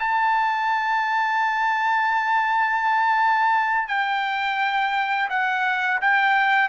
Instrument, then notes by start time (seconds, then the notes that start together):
trumpet
0.00 A5
3.88 G5
5.30 F#5
6.02 G5